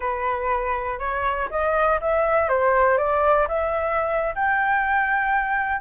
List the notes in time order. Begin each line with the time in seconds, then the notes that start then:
0.00 B4
0.99 C#5
1.50 D#5
2.01 E5
2.48 C5
2.97 D5
3.48 E5
4.35 G5